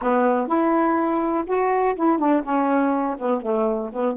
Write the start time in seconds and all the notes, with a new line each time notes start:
0.01 B3
0.47 E4
1.46 F#4
1.95 E4
2.18 D4
2.43 C#4
3.18 B3
3.41 A3
3.92 B3